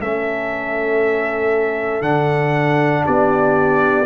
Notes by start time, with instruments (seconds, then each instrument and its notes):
0.00 tuba A3, trombone C#4, horn A4, trumpet E5
2.02 tuba D3, trombone D4, trumpet F#5
3.05 tuba B3, horn G4, trumpet D5